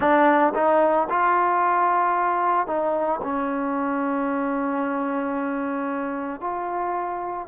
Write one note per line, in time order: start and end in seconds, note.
0.00 0.53 D4
0.54 1.08 D#4
1.10 2.66 F4
2.66 3.20 D#4
3.22 6.40 C#4
6.40 7.47 F4